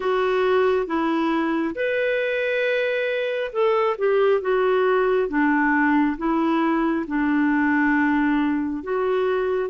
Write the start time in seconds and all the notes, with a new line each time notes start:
0.00 F#4
0.86 E4
1.75 B4
3.52 A4
3.97 G4
4.41 F#4
5.28 D4
6.17 E4
7.07 D4
8.83 F#4